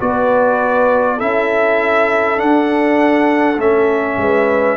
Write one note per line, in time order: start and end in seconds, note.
0.00 1.21 B3
0.00 1.18 F#4
0.00 1.16 B4
0.00 1.19 D5
1.16 2.40 C#4
1.16 2.37 E4
1.16 4.16 A4
1.16 2.39 E5
2.37 3.57 D4
2.37 3.56 D4
2.37 3.59 F#5
3.56 4.17 A3
3.56 4.76 C#4
3.56 4.76 E5
4.17 4.76 G#3
4.17 4.76 B4